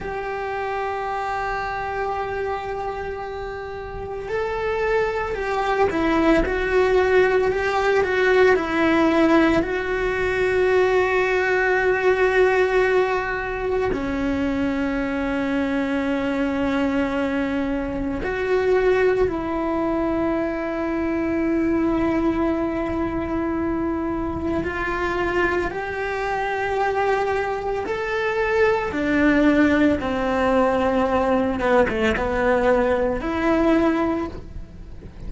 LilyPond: \new Staff \with { instrumentName = "cello" } { \time 4/4 \tempo 4 = 56 g'1 | a'4 g'8 e'8 fis'4 g'8 fis'8 | e'4 fis'2.~ | fis'4 cis'2.~ |
cis'4 fis'4 e'2~ | e'2. f'4 | g'2 a'4 d'4 | c'4. b16 a16 b4 e'4 | }